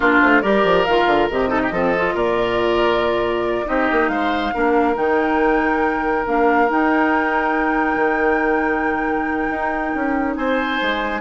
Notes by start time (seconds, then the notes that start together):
0.00 A#3 D4 F4 A#4
0.21 A3 C5
0.41 G3 G4 A#4 D5
0.64 F3
0.84 D#3 F4 F5
1.06 D3
1.30 C3 G4 D#5
1.48 D#4 A4
1.62 G4
1.70 F3 C4 A4
1.96 F4
2.13 A#2 A#4 D5
3.64 C4 D#4 G4 D#5
3.91 A#3
4.08 G#3 C5 F5
4.53 A#3 D4 A#4
4.95 D#3 D#4 G5
6.25 A#3 D4 F5
6.67 D#4 G5
7.95 D#3
9.49 D#4
9.94 C#4
10.35 C4 C5 G#5
10.81 G#3